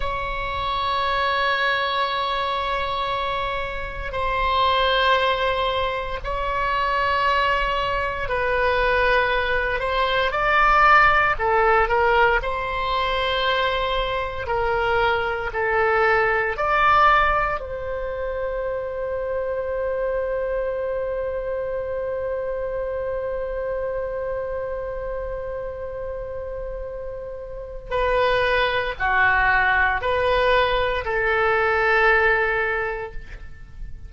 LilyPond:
\new Staff \with { instrumentName = "oboe" } { \time 4/4 \tempo 4 = 58 cis''1 | c''2 cis''2 | b'4. c''8 d''4 a'8 ais'8 | c''2 ais'4 a'4 |
d''4 c''2.~ | c''1~ | c''2. b'4 | fis'4 b'4 a'2 | }